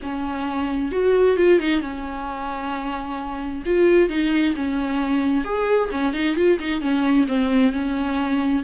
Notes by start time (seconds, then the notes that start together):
0.02 C#4
0.91 F#4
1.36 F4
1.59 D#4
1.81 C#4
3.65 F4
4.09 D#4
4.55 C#4
5.44 G#4
5.91 C#4
6.13 D#4
6.35 F4
6.59 D#4
6.81 C#4
7.27 C4
7.72 C#4